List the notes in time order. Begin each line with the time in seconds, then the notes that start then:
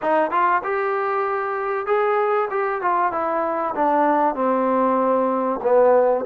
0.01 D#4
0.30 F4
0.63 G4
1.86 G#4
2.50 G4
2.81 F4
3.12 E4
3.75 D4
4.34 C4
5.62 B3